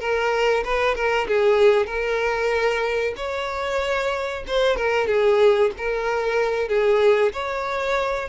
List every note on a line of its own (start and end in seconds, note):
0.00 0.64 A#4
0.65 0.95 B4
0.95 1.27 A#4
1.28 1.87 G#4
1.87 3.14 A#4
3.17 4.44 C#5
4.47 4.76 C5
4.76 5.07 A#4
5.07 5.71 G#4
5.78 6.68 A#4
6.68 7.32 G#4
7.33 8.29 C#5